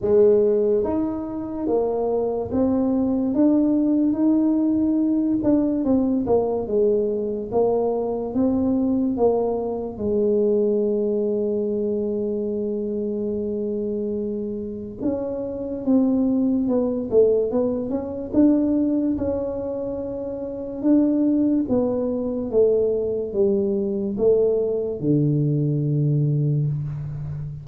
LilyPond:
\new Staff \with { instrumentName = "tuba" } { \time 4/4 \tempo 4 = 72 gis4 dis'4 ais4 c'4 | d'4 dis'4. d'8 c'8 ais8 | gis4 ais4 c'4 ais4 | gis1~ |
gis2 cis'4 c'4 | b8 a8 b8 cis'8 d'4 cis'4~ | cis'4 d'4 b4 a4 | g4 a4 d2 | }